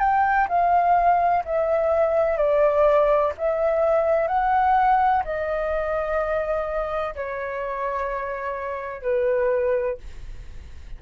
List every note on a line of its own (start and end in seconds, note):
0.00 0.48 G5
0.48 1.44 F5
1.45 2.38 E5
2.38 3.33 D5
3.38 4.28 E5
4.28 5.23 F#5
5.25 7.15 D#5
7.16 9.03 C#5
9.03 9.98 B4